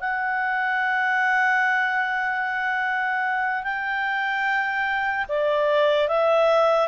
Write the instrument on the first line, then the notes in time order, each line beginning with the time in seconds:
clarinet
0.00 F#5
3.63 G5
5.29 D5
6.08 E5